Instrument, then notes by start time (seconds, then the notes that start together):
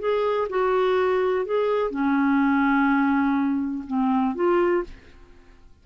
clarinet
0.00 G#4
0.50 F#4
1.46 G#4
1.91 C#4
3.88 C4
4.35 F4